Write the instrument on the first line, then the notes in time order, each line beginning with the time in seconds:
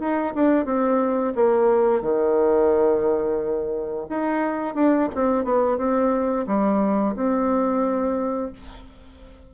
bassoon
0.00 D#4
0.35 D4
0.66 C4
1.35 A#3
2.02 D#3
4.10 D#4
4.75 D4
5.15 C4
5.45 B3
5.78 C4
6.47 G3
7.16 C4